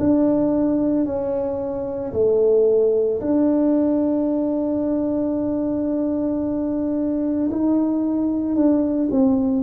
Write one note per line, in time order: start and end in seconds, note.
0.00 1.06 D4
1.06 2.13 C#4
2.14 3.21 A3
3.21 7.50 D4
7.51 8.56 D#4
8.56 9.09 D4
9.11 9.63 C4